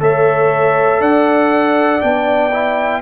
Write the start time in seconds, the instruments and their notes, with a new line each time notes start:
0.00 tuba A3, trombone A4, horn C#5, trumpet E5
1.01 tuba D4, horn D5, trumpet F#5
2.01 tuba B3, trombone D4, trumpet G5
2.53 trombone E4